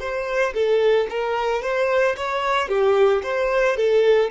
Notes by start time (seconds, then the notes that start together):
0.00 C5
0.54 A4
1.10 A#4
1.63 C5
2.17 C#5
2.69 G4
3.23 C5
3.77 A4